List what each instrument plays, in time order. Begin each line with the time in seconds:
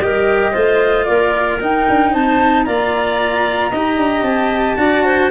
0.00 tuba G3, cello G4, clarinet A#4, flute D#5
0.52 tuba A3, cello F4, clarinet C5
1.05 tuba A#3, clarinet A#4, flute D5
1.61 cello D#4, tuba D#4, flute G5
1.89 tuba D4
2.12 tuba C4, clarinet C5, flute A5
2.65 tuba A#3, cello F4, clarinet D5, flute A#5
3.71 tuba D#4, cello G4, clarinet D#5
3.97 tuba D4
4.23 tuba C4, flute A5
4.78 tuba D4, cello F#4, clarinet D5
5.05 clarinet C5